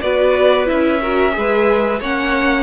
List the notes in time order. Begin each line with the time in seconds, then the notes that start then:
0.00 B3 F#4 B4 D5
0.65 C#4 E4 E5
1.01 F#4 A#4
1.32 G#3 G#4 B4
2.00 A#3 C#4 C#5 F#5